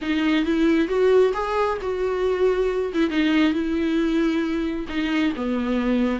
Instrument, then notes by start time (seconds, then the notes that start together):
viola
0.01 D#4
0.45 E4
0.87 F#4
1.33 G#4
1.81 F#4
2.93 E4
3.10 D#4
3.52 E4
4.88 D#4
5.36 B3